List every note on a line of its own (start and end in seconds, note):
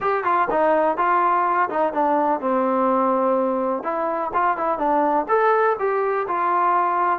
0.00 0.24 G4
0.24 0.48 F4
0.50 0.97 D#4
0.97 1.69 F4
1.69 1.93 D#4
1.93 2.40 D4
2.40 3.83 C4
3.83 4.31 E4
4.33 4.57 F4
4.57 4.78 E4
4.78 5.26 D4
5.28 5.76 A4
5.79 6.27 G4
6.27 7.19 F4